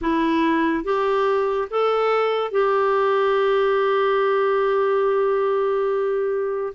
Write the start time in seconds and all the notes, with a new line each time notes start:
0.01 E4
0.83 G4
1.70 A4
2.51 G4